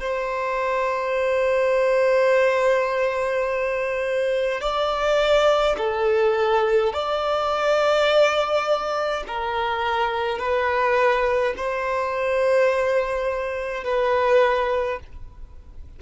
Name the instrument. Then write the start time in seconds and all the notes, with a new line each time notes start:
violin
0.00 C5
4.60 D5
5.77 A4
6.93 D5
9.27 A#4
10.38 B4
11.56 C5
13.84 B4